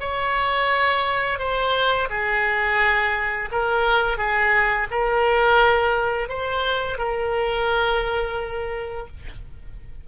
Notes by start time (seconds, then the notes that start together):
0.00 C#5
1.39 C5
2.10 G#4
3.51 A#4
4.18 G#4
4.91 A#4
6.29 C5
6.98 A#4